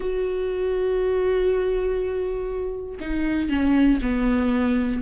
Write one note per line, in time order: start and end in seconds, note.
0.00 2.98 F#4
3.00 3.49 D#4
3.49 3.99 C#4
4.02 5.01 B3